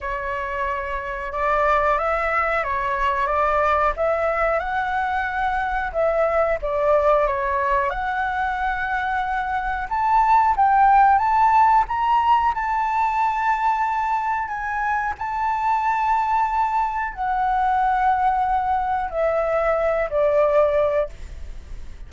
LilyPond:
\new Staff \with { instrumentName = "flute" } { \time 4/4 \tempo 4 = 91 cis''2 d''4 e''4 | cis''4 d''4 e''4 fis''4~ | fis''4 e''4 d''4 cis''4 | fis''2. a''4 |
g''4 a''4 ais''4 a''4~ | a''2 gis''4 a''4~ | a''2 fis''2~ | fis''4 e''4. d''4. | }